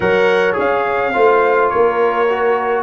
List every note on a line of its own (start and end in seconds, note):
0.00 0.57 F#3
0.00 0.53 A#4
0.00 1.14 C#5
0.00 0.55 F#5
0.53 1.15 C#4
0.53 1.10 G#4
0.59 1.69 F5
1.13 1.72 A3
1.13 2.28 F4
1.13 1.71 C5
1.69 2.82 A#3
1.69 2.82 A#4
1.69 2.82 C#5
2.28 2.82 F#4